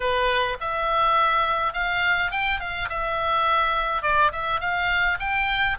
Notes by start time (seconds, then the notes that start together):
0.00 B4
0.60 E5
1.73 F5
2.31 G5
2.60 F5
2.89 E5
4.02 D5
4.32 E5
4.60 F5
5.19 G5